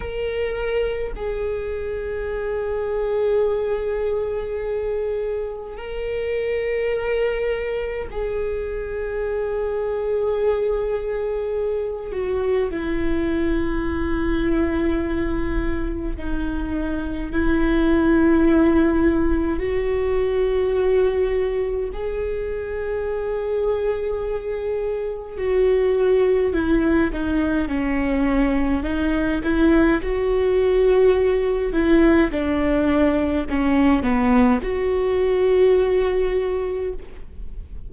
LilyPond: \new Staff \with { instrumentName = "viola" } { \time 4/4 \tempo 4 = 52 ais'4 gis'2.~ | gis'4 ais'2 gis'4~ | gis'2~ gis'8 fis'8 e'4~ | e'2 dis'4 e'4~ |
e'4 fis'2 gis'4~ | gis'2 fis'4 e'8 dis'8 | cis'4 dis'8 e'8 fis'4. e'8 | d'4 cis'8 b8 fis'2 | }